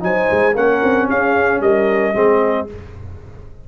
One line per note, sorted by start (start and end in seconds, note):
0.00 0.29 F#3
0.00 0.53 D#4
0.00 0.55 C5
0.00 0.56 G#5
0.31 0.54 G#3
0.54 0.81 A#3
0.54 2.14 C#4
0.54 1.08 A#4
0.54 1.09 F#5
0.83 1.10 C4
1.09 1.60 C#4
1.09 1.61 G#4
1.09 1.62 F5
1.60 2.13 G3
1.60 2.14 A#4
1.60 2.68 D#5
2.14 2.67 G#3
2.14 2.67 C4
2.14 2.68 G#4